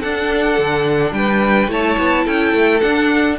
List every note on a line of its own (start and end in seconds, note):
0.00 1.68 D4
0.00 0.58 D4
0.00 1.12 A4
0.00 1.12 F#5
0.58 1.11 D3
1.11 1.67 G3
1.11 1.71 B4
1.11 1.69 G5
1.68 1.96 A3
1.68 2.80 E4
1.68 2.25 C#5
1.68 2.26 A5
1.98 2.26 B3
2.25 2.53 C#4
2.25 3.37 A4
2.25 2.80 G5
2.53 2.81 A3
2.80 3.37 D4
2.80 3.39 D4
2.80 3.36 F#5